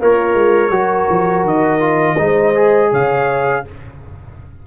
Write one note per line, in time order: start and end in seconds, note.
0.00 0.34 A#3
0.00 0.70 F4
0.00 0.71 A#4
0.00 1.47 C#5
0.34 0.70 G#3
0.70 1.06 F#3
0.70 1.79 F#4
0.70 2.16 A#4
1.10 1.43 F3
1.43 2.17 D#3
1.43 2.93 D#5
1.79 2.16 F4
2.17 2.91 G#3
2.17 2.54 D#4
2.17 2.90 C5
2.54 3.64 G#4
2.90 3.64 C#3
2.90 3.63 C#5
2.90 3.66 F5